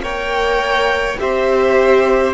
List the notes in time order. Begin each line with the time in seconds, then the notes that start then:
0.00 A#3 A#4 C#5 G5
1.18 C4 G4 C5 E5